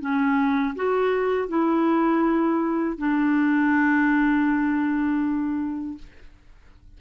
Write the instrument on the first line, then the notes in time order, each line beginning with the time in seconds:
clarinet
0.00 C#4
0.76 F#4
1.48 E4
2.98 D4